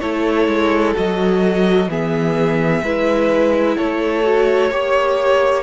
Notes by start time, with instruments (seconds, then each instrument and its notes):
0.00 cello A3, viola E4, violin A4 C#5
0.47 cello G#3
0.94 cello F#3, viola F#4, violin D#5
1.88 cello E3, viola B3, violin G#4 E5
2.82 cello G#3, viola E4, violin B4
3.77 cello A3, violin A4 C#5
4.23 viola F#4
4.71 cello A#3, viola G4, violin C#5